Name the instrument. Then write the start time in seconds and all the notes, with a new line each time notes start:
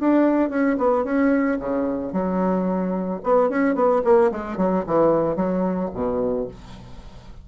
bassoon
0.00 D4
0.50 C#4
0.78 B3
1.05 C#4
1.60 C#3
2.13 F#3
3.24 B3
3.50 C#4
3.75 B3
4.04 A#3
4.32 G#3
4.57 F#3
4.87 E3
5.36 F#3
5.94 B2